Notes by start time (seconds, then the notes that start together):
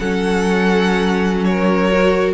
0.00 F#3 C#4 A4 F#5
1.45 A#4 C#5
1.92 F#4